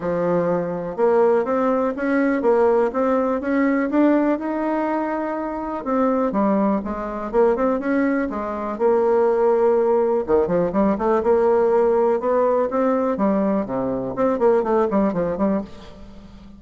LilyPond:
\new Staff \with { instrumentName = "bassoon" } { \time 4/4 \tempo 4 = 123 f2 ais4 c'4 | cis'4 ais4 c'4 cis'4 | d'4 dis'2. | c'4 g4 gis4 ais8 c'8 |
cis'4 gis4 ais2~ | ais4 dis8 f8 g8 a8 ais4~ | ais4 b4 c'4 g4 | c4 c'8 ais8 a8 g8 f8 g8 | }